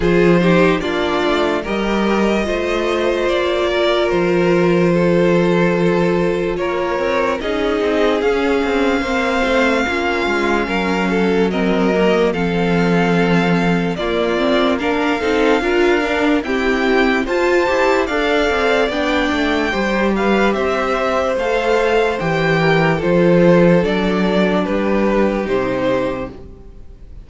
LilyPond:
<<
  \new Staff \with { instrumentName = "violin" } { \time 4/4 \tempo 4 = 73 c''4 d''4 dis''2 | d''4 c''2. | cis''4 dis''4 f''2~ | f''2 dis''4 f''4~ |
f''4 d''4 f''2 | g''4 a''4 f''4 g''4~ | g''8 f''8 e''4 f''4 g''4 | c''4 d''4 b'4 c''4 | }
  \new Staff \with { instrumentName = "violin" } { \time 4/4 gis'8 g'8 f'4 ais'4 c''4~ | c''8 ais'4. a'2 | ais'4 gis'2 c''4 | f'4 ais'8 a'8 ais'4 a'4~ |
a'4 f'4 ais'8 a'8 ais'4 | g'4 c''4 d''2 | c''8 b'8 c''2~ c''8 ais'8 | a'2 g'2 | }
  \new Staff \with { instrumentName = "viola" } { \time 4/4 f'8 dis'8 d'4 g'4 f'4~ | f'1~ | f'4 dis'4 cis'4 c'4 | cis'2 c'8 ais8 c'4~ |
c'4 ais8 c'8 d'8 dis'8 f'8 d'8 | c'4 f'8 g'8 a'4 d'4 | g'2 a'4 g'4 | f'4 d'2 dis'4 | }
  \new Staff \with { instrumentName = "cello" } { \time 4/4 f4 ais8 a8 g4 a4 | ais4 f2. | ais8 c'8 cis'8 c'8 cis'8 c'8 ais8 a8 | ais8 gis8 fis2 f4~ |
f4 ais4. c'8 d'4 | e'4 f'8 e'8 d'8 c'8 b8 a8 | g4 c'4 a4 e4 | f4 fis4 g4 c4 | }
>>